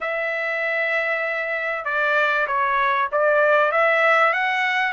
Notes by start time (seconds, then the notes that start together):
0.01 E5
1.84 D5
2.47 C#5
3.12 D5
3.71 E5
4.33 F#5